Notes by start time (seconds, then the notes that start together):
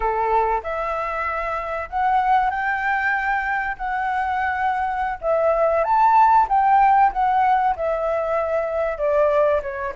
0.00 A4
0.63 E5
1.89 F#5
2.50 G5
3.77 F#5
5.21 E5
5.83 A5
6.49 G5
7.12 F#5
7.75 E5
8.98 D5
9.62 C#5